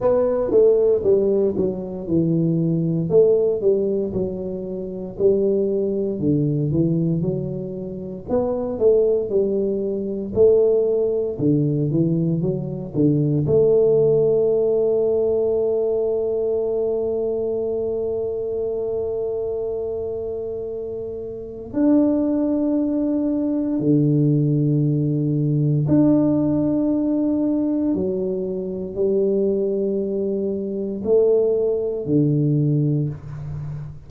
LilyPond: \new Staff \with { instrumentName = "tuba" } { \time 4/4 \tempo 4 = 58 b8 a8 g8 fis8 e4 a8 g8 | fis4 g4 d8 e8 fis4 | b8 a8 g4 a4 d8 e8 | fis8 d8 a2.~ |
a1~ | a4 d'2 d4~ | d4 d'2 fis4 | g2 a4 d4 | }